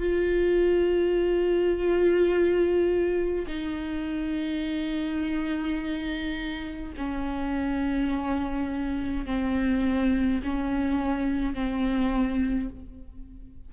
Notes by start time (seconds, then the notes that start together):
0.00 F4
3.47 D#4
6.98 C#4
9.26 C4
10.44 C#4
11.54 C4